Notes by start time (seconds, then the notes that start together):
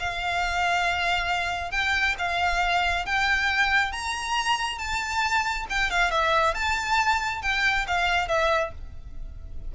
0.00 F5
1.72 G5
2.19 F5
3.06 G5
3.92 A#5
4.79 A5
5.70 G5
5.91 F5
6.11 E5
6.55 A5
7.42 G5
7.88 F5
8.28 E5